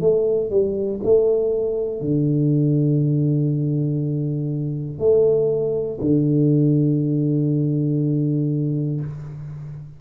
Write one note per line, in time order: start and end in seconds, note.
0.00 0.50 A3
0.50 1.00 G3
1.03 2.00 A3
2.00 4.99 D3
4.99 5.99 A3
6.00 9.00 D3